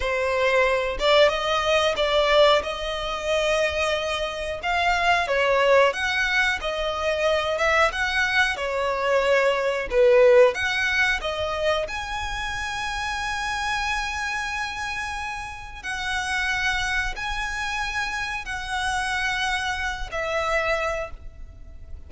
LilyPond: \new Staff \with { instrumentName = "violin" } { \time 4/4 \tempo 4 = 91 c''4. d''8 dis''4 d''4 | dis''2. f''4 | cis''4 fis''4 dis''4. e''8 | fis''4 cis''2 b'4 |
fis''4 dis''4 gis''2~ | gis''1 | fis''2 gis''2 | fis''2~ fis''8 e''4. | }